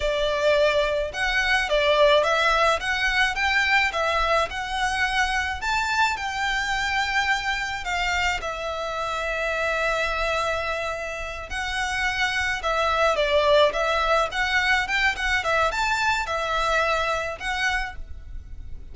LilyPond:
\new Staff \with { instrumentName = "violin" } { \time 4/4 \tempo 4 = 107 d''2 fis''4 d''4 | e''4 fis''4 g''4 e''4 | fis''2 a''4 g''4~ | g''2 f''4 e''4~ |
e''1~ | e''8 fis''2 e''4 d''8~ | d''8 e''4 fis''4 g''8 fis''8 e''8 | a''4 e''2 fis''4 | }